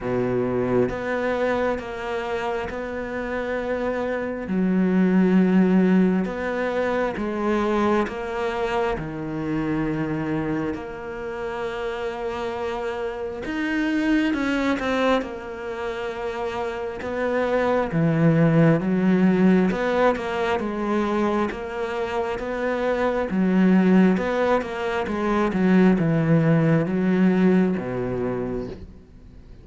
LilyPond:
\new Staff \with { instrumentName = "cello" } { \time 4/4 \tempo 4 = 67 b,4 b4 ais4 b4~ | b4 fis2 b4 | gis4 ais4 dis2 | ais2. dis'4 |
cis'8 c'8 ais2 b4 | e4 fis4 b8 ais8 gis4 | ais4 b4 fis4 b8 ais8 | gis8 fis8 e4 fis4 b,4 | }